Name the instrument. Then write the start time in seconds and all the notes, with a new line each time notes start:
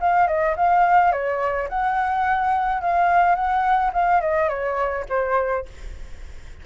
flute
0.00 F5
0.27 D#5
0.56 F5
1.12 C#5
1.69 F#5
2.81 F5
3.35 F#5
3.93 F5
4.21 D#5
4.48 C#5
5.09 C5